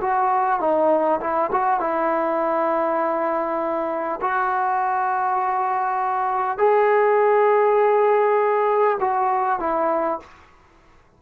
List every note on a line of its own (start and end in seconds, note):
0.00 0.59 F#4
0.59 1.19 D#4
1.20 1.50 E4
1.51 1.79 F#4
1.79 4.19 E4
4.21 6.58 F#4
6.58 8.98 G#4
8.99 9.59 F#4
9.59 10.19 E4